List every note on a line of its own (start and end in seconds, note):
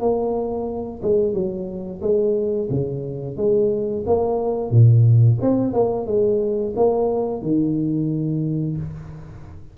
0.00 1.01 A#3
1.02 1.33 G#3
1.33 2.01 F#3
2.02 2.69 G#3
2.70 3.37 C#3
3.37 4.04 G#3
4.06 4.71 A#3
4.71 5.38 A#2
5.41 5.73 C4
5.73 6.06 A#3
6.06 6.74 G#3
6.76 7.42 A#3
7.42 8.77 D#3